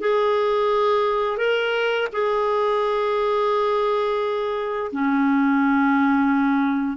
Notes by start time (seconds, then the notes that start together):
0.00 G#4
1.37 A#4
2.12 G#4
4.92 C#4